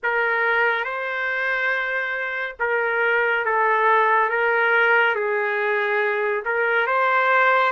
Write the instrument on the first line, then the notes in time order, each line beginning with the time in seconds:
trumpet
0.03 A#4
0.84 C5
2.59 A#4
3.45 A4
4.29 A#4
5.15 G#4
6.45 A#4
6.86 C5